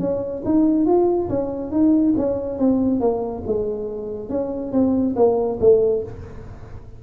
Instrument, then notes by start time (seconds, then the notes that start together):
tuba
0.00 C#4
0.46 D#4
0.86 F4
1.29 C#4
1.72 D#4
2.17 C#4
2.59 C4
3.01 A#3
3.47 G#3
4.30 C#4
4.73 C4
5.16 A#3
5.61 A3